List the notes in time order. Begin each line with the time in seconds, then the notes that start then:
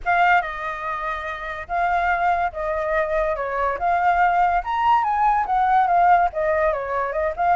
0.05 F5
0.41 D#5
1.68 F5
2.52 D#5
3.36 C#5
3.79 F5
4.64 A#5
5.03 G#5
5.46 F#5
5.87 F5
6.32 D#5
6.72 C#5
7.12 D#5
7.36 F5